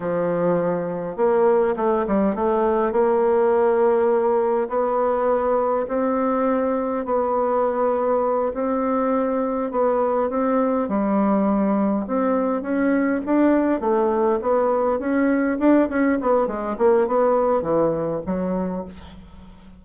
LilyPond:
\new Staff \with { instrumentName = "bassoon" } { \time 4/4 \tempo 4 = 102 f2 ais4 a8 g8 | a4 ais2. | b2 c'2 | b2~ b8 c'4.~ |
c'8 b4 c'4 g4.~ | g8 c'4 cis'4 d'4 a8~ | a8 b4 cis'4 d'8 cis'8 b8 | gis8 ais8 b4 e4 fis4 | }